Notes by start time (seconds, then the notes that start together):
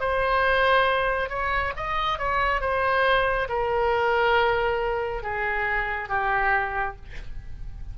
0.00 C5
1.30 C#5
1.77 D#5
2.19 C#5
2.61 C5
3.49 A#4
5.23 G#4
6.09 G4